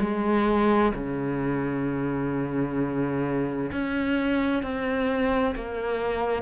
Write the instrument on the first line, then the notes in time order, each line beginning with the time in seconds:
cello
0.00 G#3
0.94 C#3
3.72 C#4
4.62 C4
5.55 A#3